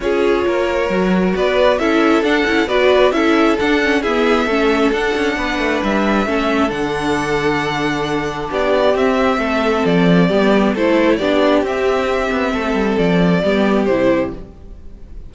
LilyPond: <<
  \new Staff \with { instrumentName = "violin" } { \time 4/4 \tempo 4 = 134 cis''2. d''4 | e''4 fis''4 d''4 e''4 | fis''4 e''2 fis''4~ | fis''4 e''2 fis''4~ |
fis''2. d''4 | e''2 d''2 | c''4 d''4 e''2~ | e''4 d''2 c''4 | }
  \new Staff \with { instrumentName = "violin" } { \time 4/4 gis'4 ais'2 b'4 | a'2 b'4 a'4~ | a'4 gis'4 a'2 | b'2 a'2~ |
a'2. g'4~ | g'4 a'2 g'4 | a'4 g'2. | a'2 g'2 | }
  \new Staff \with { instrumentName = "viola" } { \time 4/4 f'2 fis'2 | e'4 d'8 e'8 fis'4 e'4 | d'8 cis'8 b4 cis'4 d'4~ | d'2 cis'4 d'4~ |
d'1 | c'2. b4 | e'4 d'4 c'2~ | c'2 b4 e'4 | }
  \new Staff \with { instrumentName = "cello" } { \time 4/4 cis'4 ais4 fis4 b4 | cis'4 d'8 cis'8 b4 cis'4 | d'4 e'4 a4 d'8 cis'8 | b8 a8 g4 a4 d4~ |
d2. b4 | c'4 a4 f4 g4 | a4 b4 c'4. b8 | a8 g8 f4 g4 c4 | }
>>